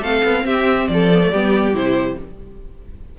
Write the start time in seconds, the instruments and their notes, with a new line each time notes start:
0.00 cello A3, viola C4, violin A4 F5
0.25 cello B3
0.45 cello C4, violin G4 E5
0.88 cello F3, violin A4 D5
1.13 viola B3
1.22 viola A3
1.32 cello G3, viola B3, violin G4
1.74 cello C3, viola E4, violin C5